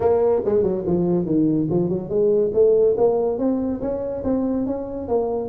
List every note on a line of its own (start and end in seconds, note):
0.00 0.42 A#3
0.45 0.62 G#3
0.62 0.84 F#3
0.86 1.25 F3
1.25 1.68 D#3
1.69 1.89 F3
1.89 2.09 F#3
2.09 2.51 G#3
2.53 2.96 A3
2.97 3.38 A#3
3.38 3.80 C4
3.81 4.23 C#4
4.24 4.66 C4
4.66 5.07 C#4
5.07 5.49 A#3